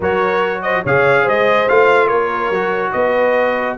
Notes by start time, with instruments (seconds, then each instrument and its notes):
0.00 tuba F#3, trombone F#4, horn A#4, trumpet C#5
0.61 horn C5, trumpet D#5
0.83 tuba C#3, trombone G#4, horn C#5, trumpet F5
1.23 tuba G#3, horn C5, trumpet D#5
1.69 tuba A3, trombone F4, trumpet F5
2.06 tuba A#3, horn A#4, trumpet C#5
2.49 tuba F#3, trombone F#4
2.92 tuba B3, horn B4, trumpet D#5